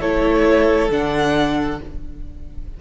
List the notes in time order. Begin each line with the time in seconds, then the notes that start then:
0.00 A3 E4 A4 C#5
0.90 D3 D4 F#5